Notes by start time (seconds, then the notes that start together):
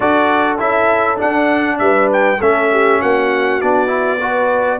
0.00 D4 F#4 A4 D5
0.58 C#4 E4 E5
1.16 D4 F#5
1.78 G3 B4 E5
2.12 G5
2.39 A3 C#4 A4 E5
2.71 G4
3.00 A#3 F#4 F#5
3.61 B3 D4 D5
3.87 E4
4.20 F#4 B4